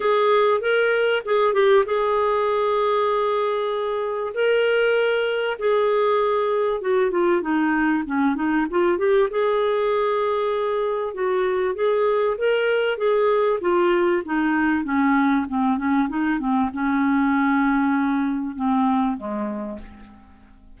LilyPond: \new Staff \with { instrumentName = "clarinet" } { \time 4/4 \tempo 4 = 97 gis'4 ais'4 gis'8 g'8 gis'4~ | gis'2. ais'4~ | ais'4 gis'2 fis'8 f'8 | dis'4 cis'8 dis'8 f'8 g'8 gis'4~ |
gis'2 fis'4 gis'4 | ais'4 gis'4 f'4 dis'4 | cis'4 c'8 cis'8 dis'8 c'8 cis'4~ | cis'2 c'4 gis4 | }